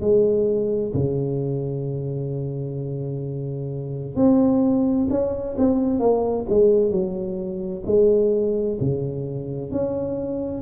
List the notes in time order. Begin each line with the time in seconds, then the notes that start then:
0.00 G#3
0.94 C#3
4.15 C4
5.10 C#4
5.58 C4
5.99 A#3
6.49 G#3
6.91 F#3
7.86 G#3
8.80 C#3
9.71 C#4